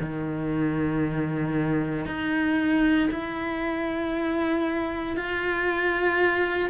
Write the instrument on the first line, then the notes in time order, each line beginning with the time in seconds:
cello
0.00 D#3
2.06 D#4
3.11 E4
5.17 F4